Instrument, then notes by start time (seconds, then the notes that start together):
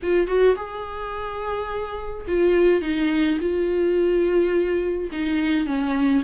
viola
0.03 F4
0.27 F#4
0.56 G#4
2.27 F4
2.81 D#4
3.40 F4
5.11 D#4
5.66 C#4